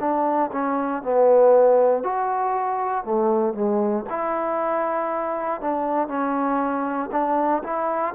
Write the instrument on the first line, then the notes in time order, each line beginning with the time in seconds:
trombone
0.00 D4
0.52 C#4
1.03 B3
2.03 F#4
3.05 A3
3.54 G#3
4.10 E4
5.61 D4
6.08 C#4
7.12 D4
7.63 E4